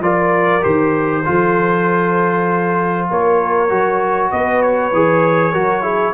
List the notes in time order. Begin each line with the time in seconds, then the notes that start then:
0.00 F3 F4 A#4 D5
0.61 D#3 G4 C5
1.25 F3 F4 A4
3.09 A#3 A#4 C#5
3.69 F#3 F#4
4.31 B3 B4 D#5
4.62 C#5
4.93 E3 G#4
5.52 F#3 F#4 A#4
5.82 E4 G#4